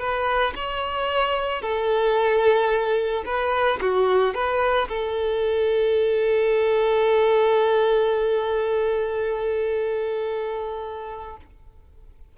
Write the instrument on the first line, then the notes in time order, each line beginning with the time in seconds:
violin
0.00 B4
0.56 C#5
1.62 A4
3.26 B4
3.81 F#4
4.35 B4
4.89 A4